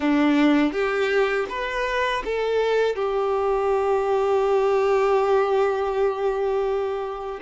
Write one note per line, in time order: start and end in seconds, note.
0.00 0.72 D4
0.72 1.46 G4
1.49 2.23 B4
2.24 2.95 A4
2.95 7.40 G4